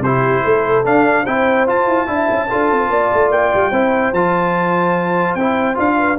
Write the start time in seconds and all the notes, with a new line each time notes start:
0.00 C3 E4 G4 C5
0.43 A3 A4
0.85 D4 F5
1.24 C4 E4 C5 G5
1.67 F4 A5
1.87 E4
2.07 D4 E4 E5
2.31 C#4
2.48 D4 F4 A4
2.71 C4
2.89 A#3 D5
3.14 A3
3.31 A#3 G5
3.54 G3
3.71 C4 E4 C5
4.12 F3 F4 A5
5.35 C4 E4 G5
5.75 D4 F4 F5
5.98 B4